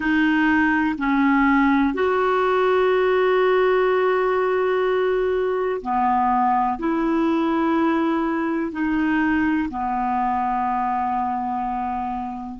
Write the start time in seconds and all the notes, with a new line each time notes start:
0.00 D#4
0.98 C#4
1.94 F#4
5.81 B3
6.78 E4
8.71 D#4
9.69 B3